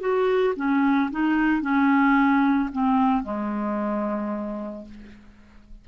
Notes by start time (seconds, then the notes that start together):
0.00 F#4
0.56 C#4
1.11 D#4
1.61 C#4
2.72 C4
3.23 G#3